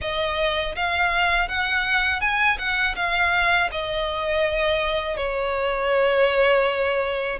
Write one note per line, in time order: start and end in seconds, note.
0.01 0.75 D#5
0.75 1.48 F5
1.48 2.21 F#5
2.21 2.58 G#5
2.58 2.95 F#5
2.95 3.69 F5
3.71 5.16 D#5
5.16 7.39 C#5